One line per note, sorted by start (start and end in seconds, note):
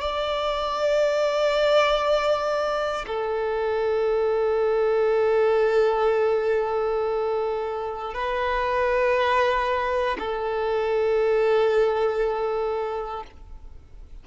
0.00 3.05 D5
3.06 8.14 A4
8.14 10.17 B4
10.18 13.23 A4